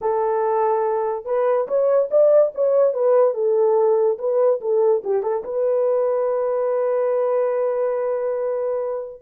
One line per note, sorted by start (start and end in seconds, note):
0.01 1.25 A4
1.25 1.67 B4
1.67 2.09 C#5
2.10 2.52 D5
2.54 2.93 C#5
2.93 3.34 B4
3.34 4.18 A4
4.18 4.60 B4
4.60 5.02 A4
5.03 5.22 G4
5.22 5.43 A4
5.44 9.21 B4